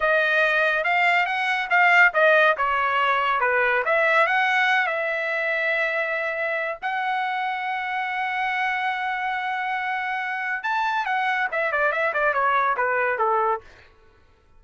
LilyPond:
\new Staff \with { instrumentName = "trumpet" } { \time 4/4 \tempo 4 = 141 dis''2 f''4 fis''4 | f''4 dis''4 cis''2 | b'4 e''4 fis''4. e''8~ | e''1 |
fis''1~ | fis''1~ | fis''4 a''4 fis''4 e''8 d''8 | e''8 d''8 cis''4 b'4 a'4 | }